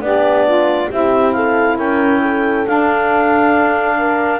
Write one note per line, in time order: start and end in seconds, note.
0.00 0.88 B3
0.00 0.88 D4
0.00 0.46 G4
0.00 0.91 D5
0.46 0.90 F4
0.90 1.78 C4
0.90 2.66 E4
0.90 1.35 G4
0.90 1.33 E5
1.33 1.77 A4
1.33 1.77 F5
1.77 2.67 C#4
1.77 2.21 A#4
1.77 2.67 G5
2.22 3.98 A4
2.66 4.40 D4
2.66 4.40 F5
3.98 4.40 A#4